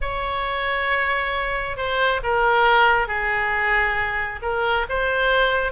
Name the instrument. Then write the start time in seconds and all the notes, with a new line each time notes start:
oboe
0.01 C#5
1.76 C5
2.23 A#4
3.07 G#4
4.42 A#4
4.89 C5